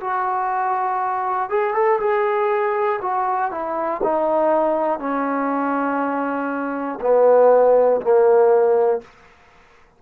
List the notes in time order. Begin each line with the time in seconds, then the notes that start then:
0.00 F#4
1.49 G#4
1.74 A4
2.00 G#4
3.01 F#4
3.50 E4
4.03 D#4
4.99 C#4
7.00 B3
8.00 A#3